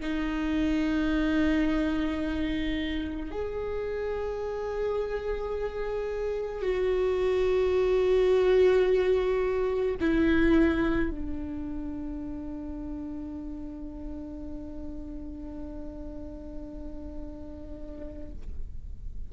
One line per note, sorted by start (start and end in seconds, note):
0.00 3.31 D#4
3.31 6.62 G#4
6.62 9.95 F#4
10.01 11.10 E4
11.10 18.32 D4